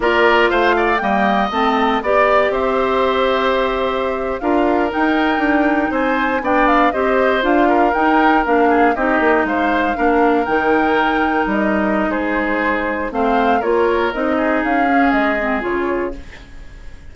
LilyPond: <<
  \new Staff \with { instrumentName = "flute" } { \time 4/4 \tempo 4 = 119 d''4 f''4 g''4 a''4 | d''4 e''2.~ | e''8. f''4 g''2 gis''16~ | gis''8. g''8 f''8 dis''4 f''4 g''16~ |
g''8. f''4 dis''4 f''4~ f''16~ | f''8. g''2 dis''4~ dis''16 | c''2 f''4 cis''4 | dis''4 f''4 dis''4 cis''4 | }
  \new Staff \with { instrumentName = "oboe" } { \time 4/4 ais'4 c''8 d''8 dis''2 | d''4 c''2.~ | c''8. ais'2. c''16~ | c''8. d''4 c''4. ais'8.~ |
ais'4~ ais'16 gis'8 g'4 c''4 ais'16~ | ais'1 | gis'2 c''4 ais'4~ | ais'8 gis'2.~ gis'8 | }
  \new Staff \with { instrumentName = "clarinet" } { \time 4/4 f'2 ais4 c'4 | g'1~ | g'8. f'4 dis'2~ dis'16~ | dis'8. d'4 g'4 f'4 dis'16~ |
dis'8. d'4 dis'2 d'16~ | d'8. dis'2.~ dis'16~ | dis'2 c'4 f'4 | dis'4. cis'4 c'8 f'4 | }
  \new Staff \with { instrumentName = "bassoon" } { \time 4/4 ais4 a4 g4 a4 | b4 c'2.~ | c'8. d'4 dis'4 d'4 c'16~ | c'8. b4 c'4 d'4 dis'16~ |
dis'8. ais4 c'8 ais8 gis4 ais16~ | ais8. dis2 g4~ g16 | gis2 a4 ais4 | c'4 cis'4 gis4 cis4 | }
>>